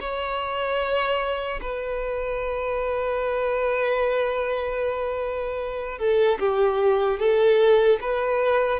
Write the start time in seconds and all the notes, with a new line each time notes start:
0.00 C#5
1.61 B4
5.99 A4
6.39 G4
7.19 A4
8.01 B4